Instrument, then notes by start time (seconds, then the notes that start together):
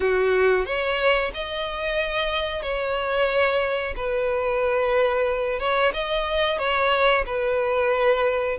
violin
0.00 F#4
0.65 C#5
1.34 D#5
2.62 C#5
3.96 B4
5.59 C#5
5.93 D#5
6.58 C#5
7.26 B4